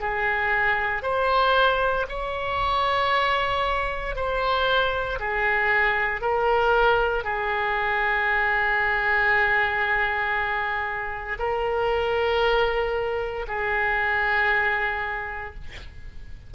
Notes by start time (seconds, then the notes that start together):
0.00 G#4
1.03 C5
2.09 C#5
4.15 C5
5.20 G#4
6.21 A#4
7.24 G#4
11.39 A#4
13.48 G#4